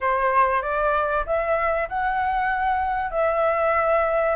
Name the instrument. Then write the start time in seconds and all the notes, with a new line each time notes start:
flute
0.00 C5
0.62 D5
1.26 E5
1.89 F#5
3.11 E5